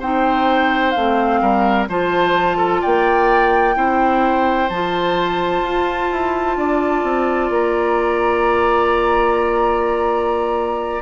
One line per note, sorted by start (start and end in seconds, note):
0.00 0.95 C4
0.00 0.96 D#4
0.00 1.41 C5
0.00 0.91 G5
0.91 1.42 A3
0.91 1.90 C4
0.91 1.85 F5
1.42 1.88 G3
1.42 1.89 A#4
1.88 2.82 F3
1.88 3.75 F4
1.88 2.58 C5
1.88 2.82 A5
2.58 2.81 A4
2.81 3.76 A#3
2.81 3.75 D5
2.81 4.70 G5
3.75 4.70 C4
3.75 4.69 E4
3.75 6.58 C5
4.70 5.62 F3
4.70 11.02 F4
4.70 7.51 A5
5.62 6.09 F4
6.12 6.57 E4
6.57 7.03 D4
6.57 11.02 D5
7.03 7.50 C4
7.50 11.01 A#3
7.50 11.02 A#5